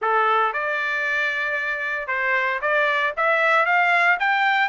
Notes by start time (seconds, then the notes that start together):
0.01 A4
0.53 D5
2.07 C5
2.61 D5
3.17 E5
3.65 F5
4.19 G5